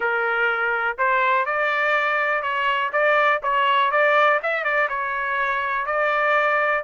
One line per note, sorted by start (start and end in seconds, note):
0.00 0.97 A#4
0.98 1.45 C5
1.45 2.42 D5
2.42 2.91 C#5
2.92 3.41 D5
3.42 3.91 C#5
3.91 4.40 D5
4.43 4.64 E5
4.64 4.88 D5
4.88 5.86 C#5
5.86 6.83 D5